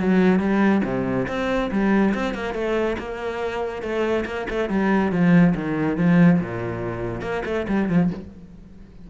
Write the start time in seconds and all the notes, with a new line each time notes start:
0.00 F#3
0.40 G3
0.85 C3
1.28 C4
1.71 G3
2.14 C4
2.34 A#3
2.54 A3
2.99 A#3
3.82 A3
4.26 A#3
4.50 A3
4.70 G3
5.12 F3
5.55 D#3
5.97 F3
6.41 A#2
7.22 A#3
7.46 A3
7.68 G3
7.89 F3